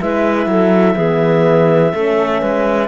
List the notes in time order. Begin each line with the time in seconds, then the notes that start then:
0.00 G#3 E4 B4 E5
0.47 F#3 A4
0.96 E3 B3 G#4
1.93 A3 C#4 A4
2.41 G#3 B4